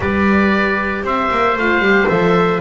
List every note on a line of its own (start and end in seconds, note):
0.00 1.02 G3
0.00 1.56 G4
0.00 1.05 B4
0.00 1.05 D5
1.03 1.29 C4
1.03 2.61 C5
1.03 1.58 E5
1.31 1.56 A#3
1.56 1.78 A3
1.56 1.82 F4
1.56 2.08 F5
1.78 2.04 G3
1.78 2.08 G4
2.08 2.61 F3
2.08 2.60 A4
2.08 2.60 E5